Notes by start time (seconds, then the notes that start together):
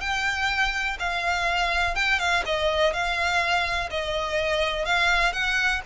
0.00 G5
0.99 F5
1.95 G5
2.19 F5
2.45 D#5
2.93 F5
3.90 D#5
4.85 F5
5.33 F#5